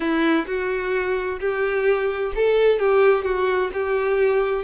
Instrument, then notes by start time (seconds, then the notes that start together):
violin
0.00 E4
0.46 F#4
1.40 G4
2.35 A4
2.79 G4
3.24 F#4
3.73 G4